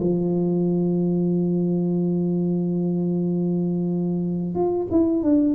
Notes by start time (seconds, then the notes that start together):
0.00 F3
4.54 F4
4.91 E4
5.23 D4